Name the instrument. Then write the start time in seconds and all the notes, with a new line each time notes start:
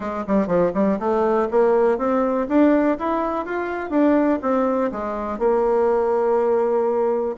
bassoon
0.00 G#3
0.27 G3
0.47 F3
0.74 G3
0.99 A3
1.50 A#3
1.97 C4
2.48 D4
2.98 E4
3.45 F4
3.90 D4
4.42 C4
4.91 G#3
5.39 A#3